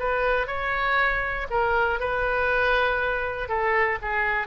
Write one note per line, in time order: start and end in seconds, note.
0.00 0.47 B4
0.47 1.47 C#5
1.50 2.00 A#4
2.00 3.49 B4
3.49 3.99 A4
4.02 4.48 G#4